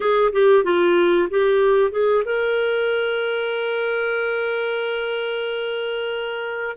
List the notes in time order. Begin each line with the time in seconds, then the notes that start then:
0.00 G#4
0.32 G4
0.64 F4
1.29 G4
1.91 G#4
2.24 A#4